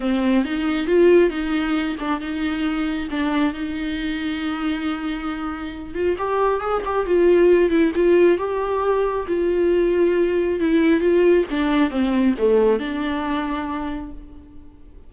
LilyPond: \new Staff \with { instrumentName = "viola" } { \time 4/4 \tempo 4 = 136 c'4 dis'4 f'4 dis'4~ | dis'8 d'8 dis'2 d'4 | dis'1~ | dis'4. f'8 g'4 gis'8 g'8 |
f'4. e'8 f'4 g'4~ | g'4 f'2. | e'4 f'4 d'4 c'4 | a4 d'2. | }